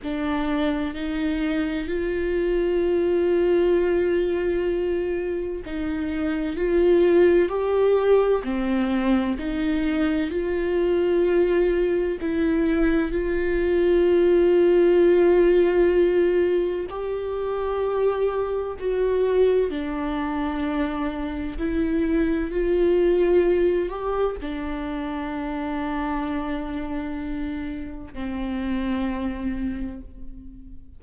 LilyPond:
\new Staff \with { instrumentName = "viola" } { \time 4/4 \tempo 4 = 64 d'4 dis'4 f'2~ | f'2 dis'4 f'4 | g'4 c'4 dis'4 f'4~ | f'4 e'4 f'2~ |
f'2 g'2 | fis'4 d'2 e'4 | f'4. g'8 d'2~ | d'2 c'2 | }